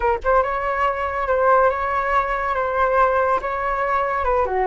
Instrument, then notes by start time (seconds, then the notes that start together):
flute
0.00 A#4
0.24 C5
0.43 C#5
1.27 C5
1.70 C#5
2.55 C5
3.41 C#5
4.24 B4
4.45 F#4